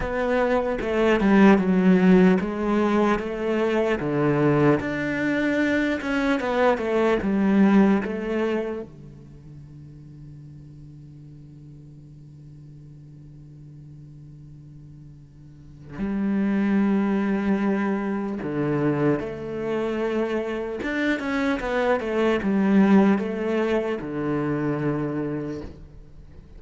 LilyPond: \new Staff \with { instrumentName = "cello" } { \time 4/4 \tempo 4 = 75 b4 a8 g8 fis4 gis4 | a4 d4 d'4. cis'8 | b8 a8 g4 a4 d4~ | d1~ |
d1 | g2. d4 | a2 d'8 cis'8 b8 a8 | g4 a4 d2 | }